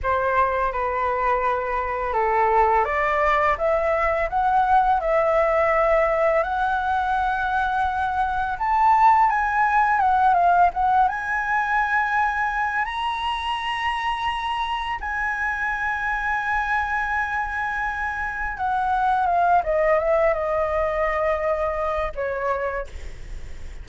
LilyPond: \new Staff \with { instrumentName = "flute" } { \time 4/4 \tempo 4 = 84 c''4 b'2 a'4 | d''4 e''4 fis''4 e''4~ | e''4 fis''2. | a''4 gis''4 fis''8 f''8 fis''8 gis''8~ |
gis''2 ais''2~ | ais''4 gis''2.~ | gis''2 fis''4 f''8 dis''8 | e''8 dis''2~ dis''8 cis''4 | }